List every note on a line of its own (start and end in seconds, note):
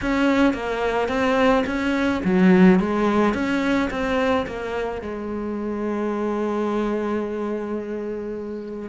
0.01 0.53 C#4
0.53 1.08 A#3
1.08 1.64 C4
1.66 2.21 C#4
2.24 2.79 F#3
2.79 3.34 G#3
3.34 3.89 C#4
3.90 4.45 C4
4.46 5.01 A#3
5.01 8.89 G#3